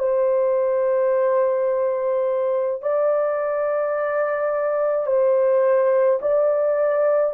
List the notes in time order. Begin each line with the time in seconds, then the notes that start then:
0.00 C5
2.83 D5
5.07 C5
6.22 D5